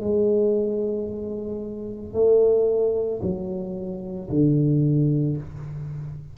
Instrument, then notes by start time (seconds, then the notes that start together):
tuba
0.00 G#3
2.13 A3
3.22 F#3
4.30 D3